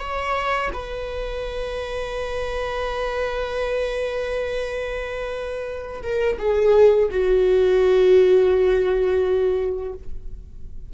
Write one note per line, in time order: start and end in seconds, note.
0.00 0.71 C#5
0.73 6.03 B4
6.03 6.38 A#4
6.39 7.10 G#4
7.11 9.93 F#4